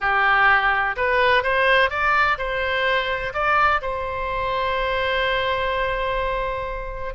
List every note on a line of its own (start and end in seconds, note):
0.00 0.96 G4
0.96 1.43 B4
1.43 1.90 C5
1.90 2.37 D5
2.37 3.33 C5
3.33 3.81 D5
3.81 7.14 C5